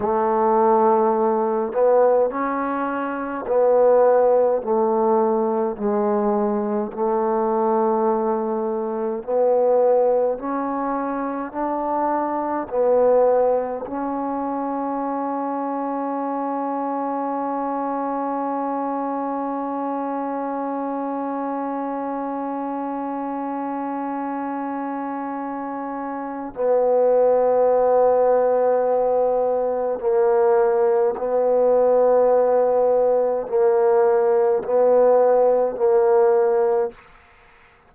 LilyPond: \new Staff \with { instrumentName = "trombone" } { \time 4/4 \tempo 4 = 52 a4. b8 cis'4 b4 | a4 gis4 a2 | b4 cis'4 d'4 b4 | cis'1~ |
cis'1~ | cis'2. b4~ | b2 ais4 b4~ | b4 ais4 b4 ais4 | }